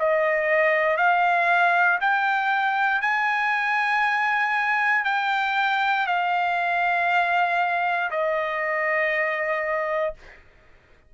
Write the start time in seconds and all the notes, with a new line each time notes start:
0.00 D#5
0.98 F5
2.01 G5
3.02 G#5
5.05 G5
6.07 F5
8.11 D#5